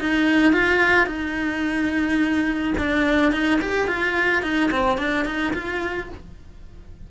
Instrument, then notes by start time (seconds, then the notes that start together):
cello
0.00 D#4
0.53 F4
1.06 D#4
2.78 D4
3.32 D#4
3.61 G4
3.87 F4
4.42 D#4
4.71 C4
4.97 D4
5.25 D#4
5.53 F4